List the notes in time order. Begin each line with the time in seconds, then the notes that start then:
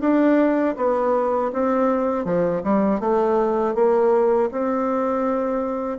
0.00 D4
0.76 B3
1.52 C4
2.24 F3
2.63 G3
3.00 A3
3.74 A#3
4.51 C4